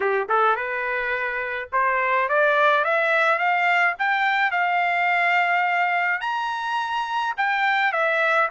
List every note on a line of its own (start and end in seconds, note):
0.00 0.27 G4
0.28 0.56 A4
0.56 1.69 B4
1.72 2.28 C5
2.28 2.84 D5
2.84 3.38 E5
3.38 3.94 F5
3.98 4.51 G5
4.51 6.20 F5
6.20 7.34 A#5
7.37 7.92 G5
7.92 8.49 E5